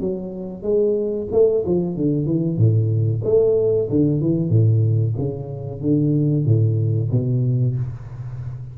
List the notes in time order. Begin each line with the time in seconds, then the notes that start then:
0.00 F#3
0.63 G#3
1.32 A3
1.66 F3
1.97 D3
2.26 E3
2.57 A2
3.24 A3
3.90 D3
4.21 E3
4.49 A2
5.18 C#3
5.81 D3
6.45 A2
7.11 B2